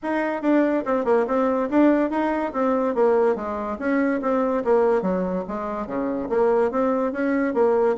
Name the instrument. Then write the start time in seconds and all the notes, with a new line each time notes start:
bassoon
0.02 D#4
0.42 D4
0.85 C4
1.05 A#3
1.27 C4
1.70 D4
2.10 D#4
2.52 C4
2.95 A#3
3.35 G#3
3.78 C#4
4.21 C4
4.64 A#3
5.02 F#3
5.48 G#3
5.86 C#3
6.29 A#3
6.71 C4
7.12 C#4
7.54 A#3